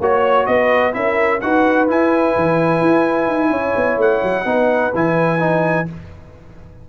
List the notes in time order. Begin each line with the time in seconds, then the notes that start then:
0.00 A#3 F#4 C#5
0.46 B3 B4 D#5
0.93 C#4 E4 A#4 E5
1.41 D#4 F#4 B4 F#5
1.88 E4 G#5
2.37 E3
2.81 E4
3.27 D#4
3.50 C#4 C#5
3.76 B3
3.98 A3 F#5
4.23 F#3
4.45 B3 D#4 B4
4.95 E3 E4 G#5
5.39 D#4